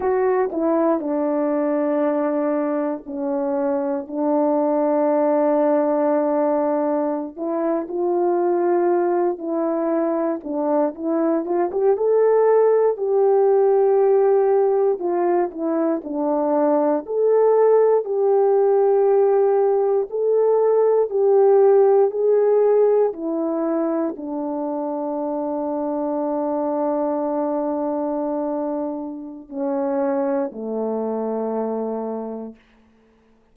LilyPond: \new Staff \with { instrumentName = "horn" } { \time 4/4 \tempo 4 = 59 fis'8 e'8 d'2 cis'4 | d'2.~ d'16 e'8 f'16~ | f'4~ f'16 e'4 d'8 e'8 f'16 g'16 a'16~ | a'8. g'2 f'8 e'8 d'16~ |
d'8. a'4 g'2 a'16~ | a'8. g'4 gis'4 e'4 d'16~ | d'1~ | d'4 cis'4 a2 | }